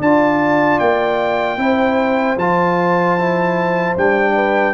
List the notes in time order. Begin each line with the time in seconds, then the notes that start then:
0.00 D4 F4 D5 A5
0.79 A#3 G5
1.57 C4 E4 C5
2.37 F3 F4 A5
3.19 E4
3.97 G3 D4 G5
4.35 B4